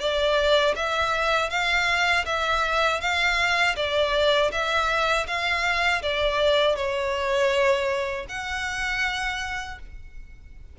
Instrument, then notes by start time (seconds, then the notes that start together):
violin
0.00 D5
0.76 E5
1.50 F5
2.26 E5
3.01 F5
3.76 D5
4.52 E5
5.27 F5
6.03 D5
6.76 C#5
8.29 F#5